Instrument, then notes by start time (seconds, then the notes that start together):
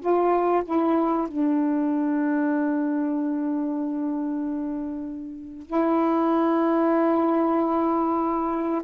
saxophone
0.00 F4
0.65 E4
1.27 D4
5.66 E4